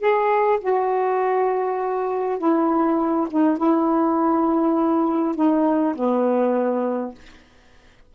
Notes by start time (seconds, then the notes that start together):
0.00 G#4
0.61 F#4
2.39 E4
3.31 D#4
3.58 E4
5.36 D#4
5.96 B3